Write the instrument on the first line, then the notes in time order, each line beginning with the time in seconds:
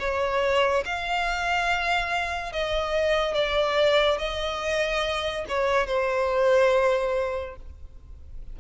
violin
0.00 C#5
0.86 F5
2.53 D#5
3.35 D5
4.19 D#5
5.49 C#5
5.87 C5